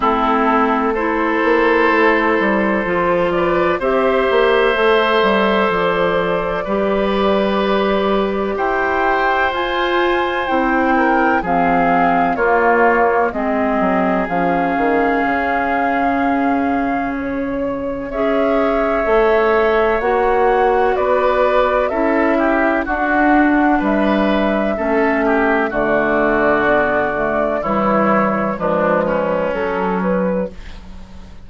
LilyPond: <<
  \new Staff \with { instrumentName = "flute" } { \time 4/4 \tempo 4 = 63 a'4 c''2~ c''8 d''8 | e''2 d''2~ | d''4 g''4 gis''4 g''4 | f''4 cis''4 dis''4 f''4~ |
f''2 cis''4 e''4~ | e''4 fis''4 d''4 e''4 | fis''4 e''2 d''4~ | d''4 cis''4 b'4 a'8 b'8 | }
  \new Staff \with { instrumentName = "oboe" } { \time 4/4 e'4 a'2~ a'8 b'8 | c''2. b'4~ | b'4 c''2~ c''8 ais'8 | gis'4 f'4 gis'2~ |
gis'2. cis''4~ | cis''2 b'4 a'8 g'8 | fis'4 b'4 a'8 g'8 fis'4~ | fis'4 e'4 d'8 cis'4. | }
  \new Staff \with { instrumentName = "clarinet" } { \time 4/4 c'4 e'2 f'4 | g'4 a'2 g'4~ | g'2 f'4 e'4 | c'4 ais4 c'4 cis'4~ |
cis'2. gis'4 | a'4 fis'2 e'4 | d'2 cis'4 a4 | b8 a8 g4 gis4 fis4 | }
  \new Staff \with { instrumentName = "bassoon" } { \time 4/4 a4. ais8 a8 g8 f4 | c'8 ais8 a8 g8 f4 g4~ | g4 e'4 f'4 c'4 | f4 ais4 gis8 fis8 f8 dis8 |
cis2. cis'4 | a4 ais4 b4 cis'4 | d'4 g4 a4 d4~ | d4 e4 f4 fis4 | }
>>